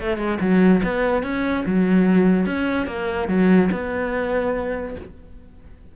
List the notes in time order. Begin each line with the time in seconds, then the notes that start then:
0.00 A3
0.17 G#3
0.40 F#3
0.83 B3
1.23 C#4
1.65 F#3
2.46 C#4
2.86 A#3
3.28 F#3
3.71 B3